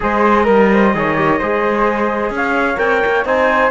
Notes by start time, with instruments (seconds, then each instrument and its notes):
0.00 cello G#3, trombone G#4, flute C5, trumpet D#5
0.44 cello G3, trombone A#4, flute A#4
0.72 flute C5
0.94 cello D#3, trombone G#4, flute C#5
1.16 trombone G4
1.38 cello G#3, trombone G#4, flute C5
2.30 cello C#4, trumpet F5
2.36 flute C#5
2.76 cello C4, trombone A#4, trumpet G5
3.05 cello A#3
3.24 cello C4, trombone D#4, flute C5, trumpet G#5